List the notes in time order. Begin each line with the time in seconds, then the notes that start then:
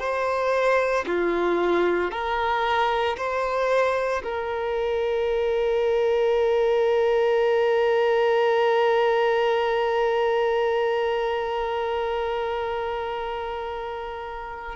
0.00 C5
1.07 F4
2.11 A#4
3.18 C5
4.23 A#4